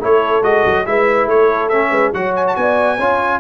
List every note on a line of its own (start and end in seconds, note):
0.00 0.43 A3
0.00 0.43 E4
0.00 0.85 A4
0.00 0.44 C#5
0.43 0.64 G#3
0.43 0.86 F#4
0.43 0.86 D#5
0.65 0.87 F#3
0.86 1.27 G#3
0.86 1.71 E4
0.86 1.32 B4
0.86 1.29 E5
1.27 1.90 A3
1.27 1.91 A4
1.27 1.69 C#5
1.69 2.14 C#4
1.69 2.12 E5
1.91 2.12 G#3
1.91 2.12 B4
2.14 2.56 F#3
2.14 2.99 F#4
2.14 2.57 C#5
2.14 2.35 F#5
2.36 2.46 G#5
2.48 2.56 A5
2.56 2.99 B3
2.56 2.97 D5
2.56 3.41 G#5
2.97 3.41 C#4
2.97 3.41 F4
2.97 3.40 C#5